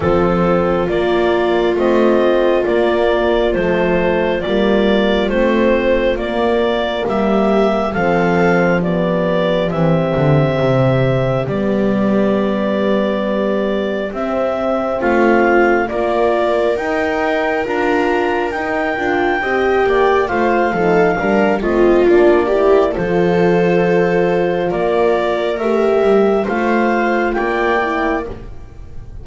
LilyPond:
<<
  \new Staff \with { instrumentName = "clarinet" } { \time 4/4 \tempo 4 = 68 a'4 d''4 dis''4 d''4 | c''4 d''4 c''4 d''4 | e''4 f''4 d''4 e''4~ | e''4 d''2. |
e''4 f''4 d''4 g''4 | ais''4 g''2 f''4~ | f''8 dis''8 d''4 c''2 | d''4 e''4 f''4 g''4 | }
  \new Staff \with { instrumentName = "viola" } { \time 4/4 f'1~ | f'1 | g'4 a'4 g'2~ | g'1~ |
g'4 f'4 ais'2~ | ais'2 dis''8 d''8 c''8 a'8 | ais'8 f'4 g'8 a'2 | ais'2 c''4 d''4 | }
  \new Staff \with { instrumentName = "horn" } { \time 4/4 c'4 ais4 c'4 ais4 | a4 ais4 c'4 ais4~ | ais4 c'4 b4 c'4~ | c'4 b2. |
c'2 f'4 dis'4 | f'4 dis'8 f'8 g'4 f'8 dis'8 | d'8 c'8 d'8 e'8 f'2~ | f'4 g'4 f'4. e'8 | }
  \new Staff \with { instrumentName = "double bass" } { \time 4/4 f4 ais4 a4 ais4 | f4 g4 a4 ais4 | g4 f2 e8 d8 | c4 g2. |
c'4 a4 ais4 dis'4 | d'4 dis'8 d'8 c'8 ais8 a8 f8 | g8 a8 ais4 f2 | ais4 a8 g8 a4 ais4 | }
>>